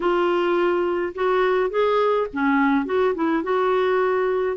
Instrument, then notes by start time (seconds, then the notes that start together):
clarinet
0.00 F4
1.14 F#4
1.70 G#4
2.33 C#4
2.85 F#4
3.14 E4
3.43 F#4